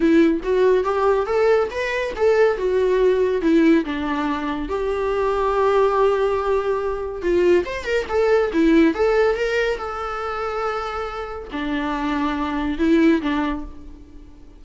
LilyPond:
\new Staff \with { instrumentName = "viola" } { \time 4/4 \tempo 4 = 141 e'4 fis'4 g'4 a'4 | b'4 a'4 fis'2 | e'4 d'2 g'4~ | g'1~ |
g'4 f'4 c''8 ais'8 a'4 | e'4 a'4 ais'4 a'4~ | a'2. d'4~ | d'2 e'4 d'4 | }